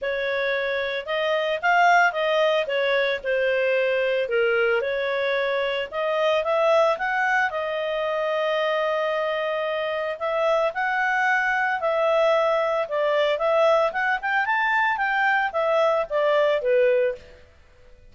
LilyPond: \new Staff \with { instrumentName = "clarinet" } { \time 4/4 \tempo 4 = 112 cis''2 dis''4 f''4 | dis''4 cis''4 c''2 | ais'4 cis''2 dis''4 | e''4 fis''4 dis''2~ |
dis''2. e''4 | fis''2 e''2 | d''4 e''4 fis''8 g''8 a''4 | g''4 e''4 d''4 b'4 | }